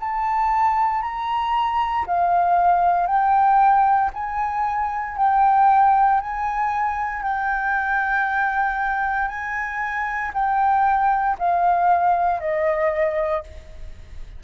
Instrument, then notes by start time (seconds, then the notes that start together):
flute
0.00 A5
1.03 A#5
2.06 F5
3.07 G5
4.13 G#5
5.17 G5
6.21 G#5
7.23 G5
9.28 G#5
10.34 G5
11.39 F5
12.40 D#5